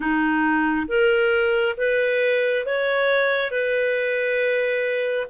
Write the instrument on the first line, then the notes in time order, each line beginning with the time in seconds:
clarinet
0.00 D#4
0.87 A#4
1.77 B4
2.65 C#5
3.51 B4